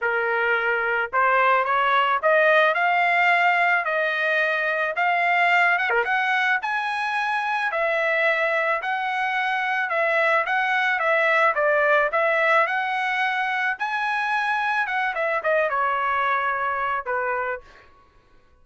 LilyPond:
\new Staff \with { instrumentName = "trumpet" } { \time 4/4 \tempo 4 = 109 ais'2 c''4 cis''4 | dis''4 f''2 dis''4~ | dis''4 f''4. fis''16 ais'16 fis''4 | gis''2 e''2 |
fis''2 e''4 fis''4 | e''4 d''4 e''4 fis''4~ | fis''4 gis''2 fis''8 e''8 | dis''8 cis''2~ cis''8 b'4 | }